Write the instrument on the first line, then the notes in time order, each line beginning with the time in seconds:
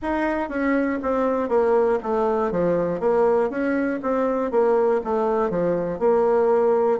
bassoon
0.02 D#4
0.49 C#4
1.02 C4
1.48 A#3
2.02 A3
2.50 F3
3.00 A#3
3.50 C#4
4.02 C4
4.50 A#3
5.04 A3
5.50 F3
5.99 A#3